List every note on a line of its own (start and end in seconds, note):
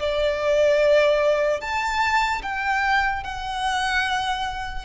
0.00 1.61 D5
1.61 2.42 A5
2.43 3.24 G5
3.24 4.85 F#5